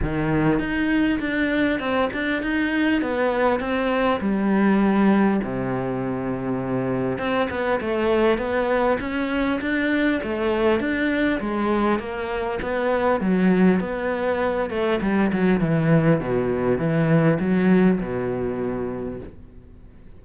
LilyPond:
\new Staff \with { instrumentName = "cello" } { \time 4/4 \tempo 4 = 100 dis4 dis'4 d'4 c'8 d'8 | dis'4 b4 c'4 g4~ | g4 c2. | c'8 b8 a4 b4 cis'4 |
d'4 a4 d'4 gis4 | ais4 b4 fis4 b4~ | b8 a8 g8 fis8 e4 b,4 | e4 fis4 b,2 | }